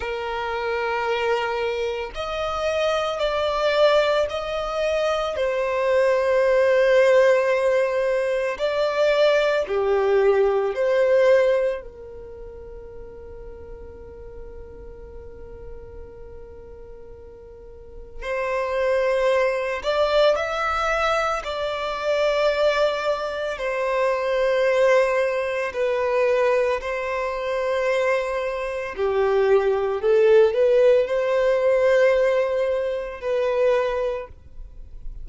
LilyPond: \new Staff \with { instrumentName = "violin" } { \time 4/4 \tempo 4 = 56 ais'2 dis''4 d''4 | dis''4 c''2. | d''4 g'4 c''4 ais'4~ | ais'1~ |
ais'4 c''4. d''8 e''4 | d''2 c''2 | b'4 c''2 g'4 | a'8 b'8 c''2 b'4 | }